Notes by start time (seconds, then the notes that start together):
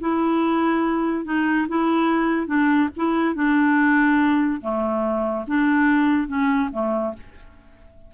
0.00 E4
1.25 D#4
1.69 E4
2.47 D4
2.97 E4
3.35 D4
4.61 A3
5.47 D4
6.28 C#4
6.72 A3